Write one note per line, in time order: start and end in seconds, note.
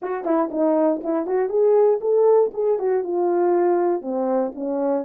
0.02 0.25 F#4
0.25 0.50 E4
0.51 1.01 D#4
1.03 1.26 E4
1.26 1.49 F#4
1.49 1.99 G#4
2.00 2.51 A4
2.53 2.78 G#4
2.79 3.03 F#4
3.03 4.01 F4
4.01 4.52 C4
4.54 5.05 C#4